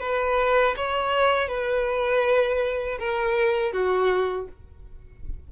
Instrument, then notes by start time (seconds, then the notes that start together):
violin
0.00 B4
0.76 C#5
1.48 B4
2.99 A#4
3.73 F#4